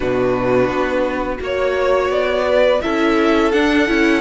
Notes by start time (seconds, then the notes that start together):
0.00 B2 D4 F#4 B4
0.68 B3
1.37 A#3 F#4 C#5
1.43 C#5
2.09 B3 D5
2.48 B4
2.81 C#4 E4 A4 E5
3.51 D4 F#5
3.87 C#4 E4